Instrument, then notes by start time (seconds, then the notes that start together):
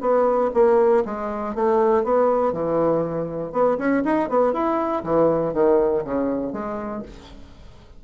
bassoon
0.00 B3
0.53 A#3
1.05 G#3
1.54 A3
2.03 B3
2.52 E3
3.52 B3
3.77 C#4
4.04 D#4
4.28 B3
4.53 E4
5.03 E3
5.53 D#3
6.04 C#3
6.52 G#3